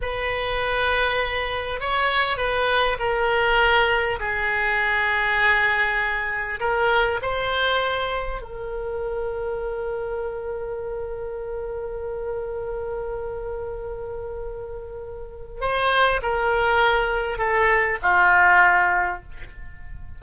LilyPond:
\new Staff \with { instrumentName = "oboe" } { \time 4/4 \tempo 4 = 100 b'2. cis''4 | b'4 ais'2 gis'4~ | gis'2. ais'4 | c''2 ais'2~ |
ais'1~ | ais'1~ | ais'2 c''4 ais'4~ | ais'4 a'4 f'2 | }